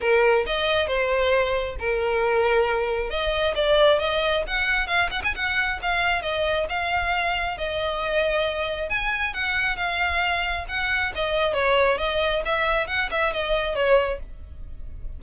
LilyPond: \new Staff \with { instrumentName = "violin" } { \time 4/4 \tempo 4 = 135 ais'4 dis''4 c''2 | ais'2. dis''4 | d''4 dis''4 fis''4 f''8 fis''16 gis''16 | fis''4 f''4 dis''4 f''4~ |
f''4 dis''2. | gis''4 fis''4 f''2 | fis''4 dis''4 cis''4 dis''4 | e''4 fis''8 e''8 dis''4 cis''4 | }